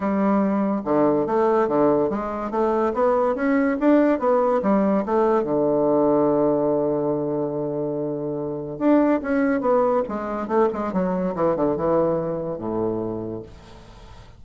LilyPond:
\new Staff \with { instrumentName = "bassoon" } { \time 4/4 \tempo 4 = 143 g2 d4 a4 | d4 gis4 a4 b4 | cis'4 d'4 b4 g4 | a4 d2.~ |
d1~ | d4 d'4 cis'4 b4 | gis4 a8 gis8 fis4 e8 d8 | e2 a,2 | }